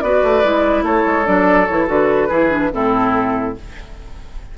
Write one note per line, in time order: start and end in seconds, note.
0.00 0.22 B3
0.00 0.43 F#4
0.00 0.84 B4
0.00 0.83 D5
0.22 0.43 A3
0.43 0.83 G#3
0.43 1.24 E4
0.83 1.03 A3
0.83 2.28 A4
0.83 1.26 C#5
1.06 1.27 G#3
1.24 1.69 F#3
1.24 1.66 D4
1.24 1.66 D5
1.66 1.88 E3
1.66 1.86 E4
1.66 1.87 C#5
1.86 2.30 D3
1.86 2.28 F#4
1.86 2.73 B4
2.28 2.72 E3
2.28 2.50 E4
2.28 2.70 G#4
2.50 2.70 D4
2.72 3.57 A2
2.72 3.56 C4
2.72 3.57 E4
2.72 3.57 A4